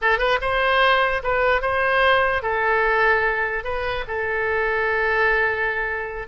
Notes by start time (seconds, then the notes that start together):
0.01 A4
0.18 B4
0.41 C5
1.23 B4
1.61 C5
2.42 A4
3.63 B4
4.07 A4